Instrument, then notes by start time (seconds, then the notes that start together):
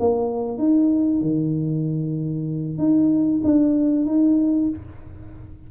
tuba
0.00 A#3
0.59 D#4
1.21 D#3
2.78 D#4
3.44 D4
4.06 D#4